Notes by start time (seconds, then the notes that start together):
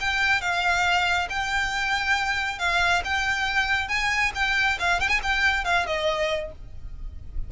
0.00 G5
0.41 F5
1.29 G5
2.59 F5
3.04 G5
3.88 G#5
4.35 G5
4.79 F5
5.00 G5
5.09 G#5
5.23 G5
5.64 F5
5.86 D#5